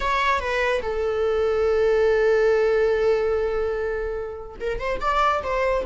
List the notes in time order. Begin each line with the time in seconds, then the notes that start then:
0.00 C#5
0.39 B4
0.82 A4
4.60 A#4
4.79 C5
5.00 D5
5.43 C5